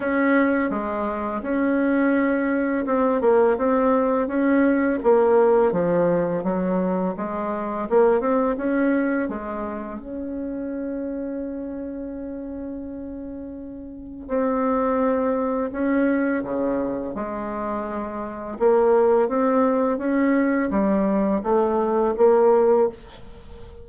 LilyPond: \new Staff \with { instrumentName = "bassoon" } { \time 4/4 \tempo 4 = 84 cis'4 gis4 cis'2 | c'8 ais8 c'4 cis'4 ais4 | f4 fis4 gis4 ais8 c'8 | cis'4 gis4 cis'2~ |
cis'1 | c'2 cis'4 cis4 | gis2 ais4 c'4 | cis'4 g4 a4 ais4 | }